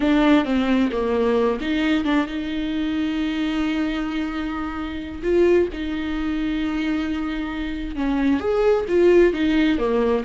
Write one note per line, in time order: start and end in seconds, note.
0.00 0.44 D4
0.44 0.90 C4
0.91 1.59 A#3
1.61 2.04 D#4
2.04 2.26 D4
2.26 5.22 D#4
5.23 5.68 F4
5.72 7.95 D#4
7.95 8.39 C#4
8.39 8.85 G#4
8.88 9.33 F4
9.33 9.78 D#4
9.78 10.23 A#3